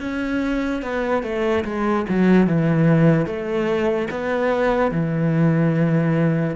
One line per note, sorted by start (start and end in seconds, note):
0.00 0.82 C#4
0.82 1.23 B3
1.23 1.64 A3
1.65 2.06 G#3
2.09 2.47 F#3
2.47 3.26 E3
3.26 4.08 A3
4.11 4.91 B3
4.91 6.56 E3